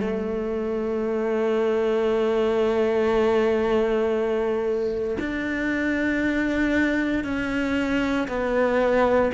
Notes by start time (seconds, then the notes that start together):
0.00 A3
5.19 D4
7.24 C#4
8.28 B3